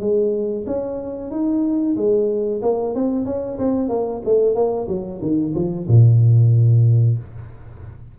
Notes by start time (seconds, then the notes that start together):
0.00 G#3
0.66 C#4
1.31 D#4
1.96 G#3
2.62 A#3
2.95 C4
3.25 C#4
3.58 C4
3.89 A#3
4.25 A3
4.55 A#3
4.88 F#3
5.22 D#3
5.55 F3
5.88 A#2